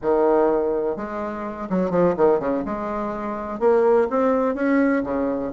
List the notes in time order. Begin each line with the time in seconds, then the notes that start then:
0.02 D#3
0.96 G#3
1.69 F#3
1.90 F3
2.16 D#3
2.39 C#3
2.65 G#3
3.59 A#3
4.10 C4
4.54 C#4
5.03 C#3